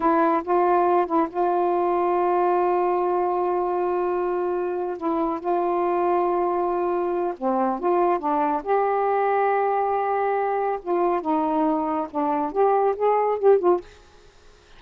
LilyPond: \new Staff \with { instrumentName = "saxophone" } { \time 4/4 \tempo 4 = 139 e'4 f'4. e'8 f'4~ | f'1~ | f'2.~ f'8 e'8~ | e'8 f'2.~ f'8~ |
f'4 c'4 f'4 d'4 | g'1~ | g'4 f'4 dis'2 | d'4 g'4 gis'4 g'8 f'8 | }